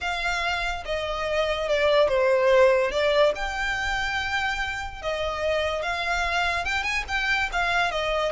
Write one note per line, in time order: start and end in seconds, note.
0.00 0.84 F5
0.85 1.68 D#5
1.68 2.08 D5
2.08 2.91 C5
2.91 3.33 D5
3.35 5.02 G5
5.02 5.82 D#5
5.82 6.65 F5
6.65 6.83 G5
6.83 7.04 G#5
7.08 7.49 G5
7.52 7.91 F5
7.91 8.32 D#5